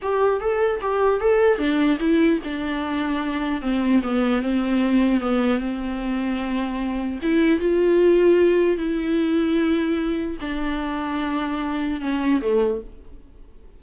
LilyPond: \new Staff \with { instrumentName = "viola" } { \time 4/4 \tempo 4 = 150 g'4 a'4 g'4 a'4 | d'4 e'4 d'2~ | d'4 c'4 b4 c'4~ | c'4 b4 c'2~ |
c'2 e'4 f'4~ | f'2 e'2~ | e'2 d'2~ | d'2 cis'4 a4 | }